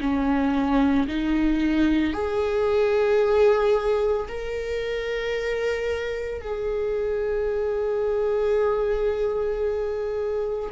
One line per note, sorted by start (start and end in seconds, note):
0.00 1.07 C#4
1.08 2.13 D#4
2.13 4.28 G#4
4.28 6.41 A#4
6.41 10.69 G#4